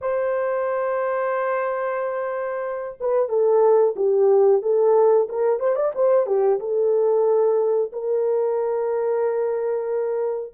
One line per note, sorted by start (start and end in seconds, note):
0.01 2.97 C5
3.00 3.28 B4
3.28 3.94 A4
3.96 4.62 G4
4.62 5.27 A4
5.29 5.59 A#4
5.59 5.75 C5
5.75 5.92 D5
5.94 6.26 C5
6.26 6.59 G4
6.59 7.91 A4
7.92 10.53 A#4